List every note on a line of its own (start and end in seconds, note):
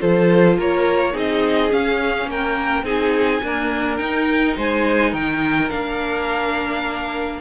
0.00 0.59 F3
0.00 1.13 F4
0.00 0.58 A4
0.00 0.58 C5
0.58 1.15 A#3
0.58 1.13 A#4
0.58 1.17 C#5
1.13 1.72 C4
1.13 1.70 D#4
1.13 2.27 G#4
1.13 1.72 D#5
1.70 2.84 C#4
1.70 2.26 C#4
1.70 2.30 F5
2.26 2.83 A#3
2.26 2.85 A#4
2.26 2.85 G5
2.83 3.40 C4
2.83 3.42 D#4
2.83 3.43 G#4
2.83 3.97 G#5
3.43 3.99 A#3
3.43 4.00 D4
3.43 4.57 A#4
3.97 5.70 D#4
3.97 4.57 D#4
3.97 4.54 G5
4.57 5.13 G#3
4.57 5.11 C5
4.57 5.14 G#5
5.11 5.71 D#3
5.11 7.40 A#4
5.11 5.70 G5
5.70 7.40 A#3
5.70 7.40 D4
5.70 7.40 F5